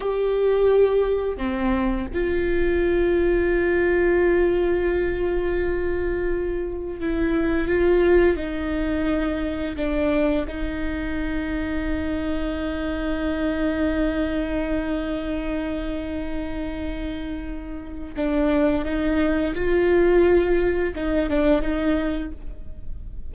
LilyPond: \new Staff \with { instrumentName = "viola" } { \time 4/4 \tempo 4 = 86 g'2 c'4 f'4~ | f'1~ | f'2 e'4 f'4 | dis'2 d'4 dis'4~ |
dis'1~ | dis'1~ | dis'2 d'4 dis'4 | f'2 dis'8 d'8 dis'4 | }